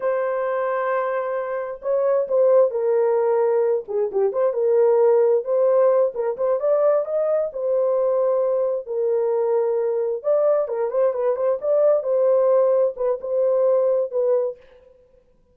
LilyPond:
\new Staff \with { instrumentName = "horn" } { \time 4/4 \tempo 4 = 132 c''1 | cis''4 c''4 ais'2~ | ais'8 gis'8 g'8 c''8 ais'2 | c''4. ais'8 c''8 d''4 dis''8~ |
dis''8 c''2. ais'8~ | ais'2~ ais'8 d''4 ais'8 | c''8 b'8 c''8 d''4 c''4.~ | c''8 b'8 c''2 b'4 | }